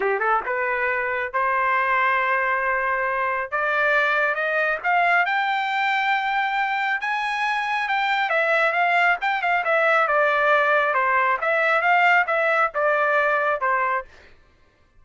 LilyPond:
\new Staff \with { instrumentName = "trumpet" } { \time 4/4 \tempo 4 = 137 g'8 a'8 b'2 c''4~ | c''1 | d''2 dis''4 f''4 | g''1 |
gis''2 g''4 e''4 | f''4 g''8 f''8 e''4 d''4~ | d''4 c''4 e''4 f''4 | e''4 d''2 c''4 | }